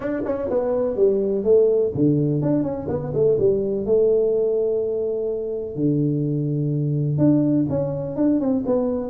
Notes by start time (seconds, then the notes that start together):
0.00 D4
0.25 C#4
0.49 B3
0.96 G3
1.44 A3
1.94 D3
2.42 D4
2.63 C#4
2.88 B3
3.14 A3
3.39 G3
3.85 A3
5.75 D3
7.18 D4
7.69 C#4
8.16 D4
8.40 C4
8.66 B3